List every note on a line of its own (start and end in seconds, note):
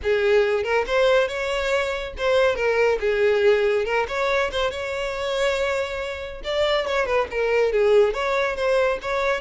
0.02 0.63 G#4
0.63 0.85 A#4
0.86 1.28 C5
1.28 2.13 C#5
2.17 2.55 C5
2.55 2.98 A#4
3.00 3.85 G#4
3.85 4.06 A#4
4.07 4.50 C#5
4.51 4.70 C5
4.70 6.42 C#5
6.44 6.86 D5
6.86 7.06 C#5
7.06 7.27 B4
7.30 7.72 A#4
7.72 8.13 G#4
8.13 8.56 C#5
8.56 8.98 C5
9.02 9.40 C#5